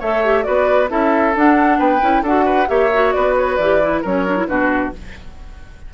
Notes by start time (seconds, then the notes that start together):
0.00 A3 A4 C#5 E5
0.25 G4
0.44 B3 F#4 B4 D5
0.89 C#4 E4 A4 E5
1.36 D4 F#5
1.79 B3 B4 G5
2.01 C#4 E4
2.23 D4 F#4 A4 F#5
2.46 B4
2.68 A#3 G4 C#5 E5
2.93 F#4
3.12 B3 B4 D5
3.38 C#5
3.56 E3 G4 D5
3.82 E4
4.02 F#3 C#4 A#4 C#5
4.27 D4
4.37 E4
4.48 B2 D4 F#4 B4